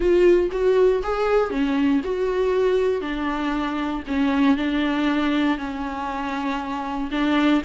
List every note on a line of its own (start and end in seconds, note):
0.00 0.49 F4
0.51 1.02 F#4
1.03 1.50 G#4
1.50 2.01 C#4
2.03 3.01 F#4
3.01 4.03 D4
4.07 4.56 C#4
4.56 5.57 D4
5.57 7.10 C#4
7.11 7.62 D4